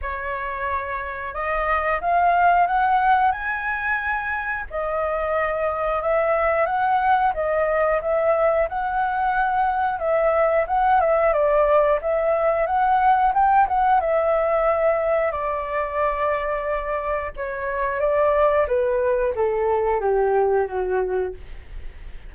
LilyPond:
\new Staff \with { instrumentName = "flute" } { \time 4/4 \tempo 4 = 90 cis''2 dis''4 f''4 | fis''4 gis''2 dis''4~ | dis''4 e''4 fis''4 dis''4 | e''4 fis''2 e''4 |
fis''8 e''8 d''4 e''4 fis''4 | g''8 fis''8 e''2 d''4~ | d''2 cis''4 d''4 | b'4 a'4 g'4 fis'4 | }